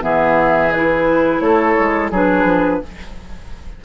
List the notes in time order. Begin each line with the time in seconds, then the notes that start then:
0.00 E3 B3 G#4 E5
0.72 E4 B4
1.40 A3 A4 C#5
1.78 G#3
2.10 F#3 D4 G#4 B4
2.44 F3